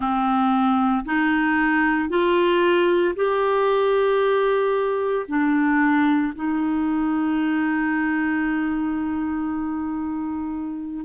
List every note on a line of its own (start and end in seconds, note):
0.00 1.04 C4
1.05 2.09 D#4
2.09 3.14 F4
3.15 5.26 G4
5.28 6.33 D4
6.35 11.05 D#4